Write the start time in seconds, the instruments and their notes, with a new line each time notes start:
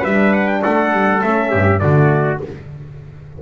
0.00 double bass G3, horn D4, trumpet B4 E5
0.33 trumpet F#5
0.47 trumpet G5
0.62 double bass A3, trumpet A4 F#5
0.92 double bass G3
1.22 double bass A3, horn C#4, trumpet E5
1.50 double bass G2, trumpet G4
1.79 double bass D3, horn A3, trumpet F#4 D5